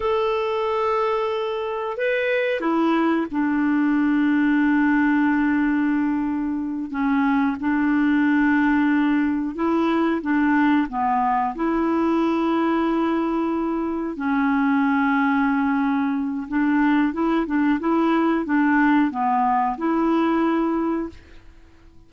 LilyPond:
\new Staff \with { instrumentName = "clarinet" } { \time 4/4 \tempo 4 = 91 a'2. b'4 | e'4 d'2.~ | d'2~ d'8 cis'4 d'8~ | d'2~ d'8 e'4 d'8~ |
d'8 b4 e'2~ e'8~ | e'4. cis'2~ cis'8~ | cis'4 d'4 e'8 d'8 e'4 | d'4 b4 e'2 | }